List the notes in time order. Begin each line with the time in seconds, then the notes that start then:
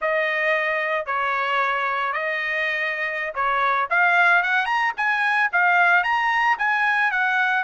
0.01 D#5
1.06 C#5
2.12 D#5
3.35 C#5
3.90 F5
4.42 F#5
4.65 A#5
4.96 G#5
5.52 F5
6.03 A#5
6.58 G#5
7.11 F#5